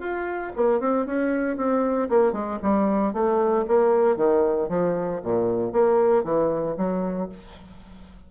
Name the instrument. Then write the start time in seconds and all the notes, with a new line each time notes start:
bassoon
0.00 F4
0.56 A#3
0.80 C4
1.06 C#4
1.57 C4
2.09 A#3
2.32 G#3
2.63 G3
3.13 A3
3.67 A#3
4.16 D#3
4.69 F3
5.23 A#2
5.72 A#3
6.24 E3
6.77 F#3